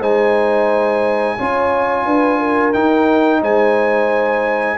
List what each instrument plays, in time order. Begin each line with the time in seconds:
0.00 tuba G#3, trombone D#4, horn C5, trumpet G#5
1.37 tuba C#4, trombone F4, horn C#5
2.05 tuba D4, horn B4
2.38 horn A#4
2.73 trombone D#4, tuba D#4, trumpet G5
3.42 tuba G#3, horn C5, trumpet G#5